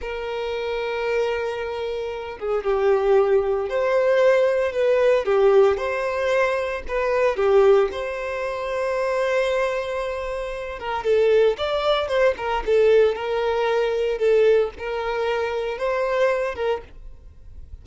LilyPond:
\new Staff \with { instrumentName = "violin" } { \time 4/4 \tempo 4 = 114 ais'1~ | ais'8 gis'8 g'2 c''4~ | c''4 b'4 g'4 c''4~ | c''4 b'4 g'4 c''4~ |
c''1~ | c''8 ais'8 a'4 d''4 c''8 ais'8 | a'4 ais'2 a'4 | ais'2 c''4. ais'8 | }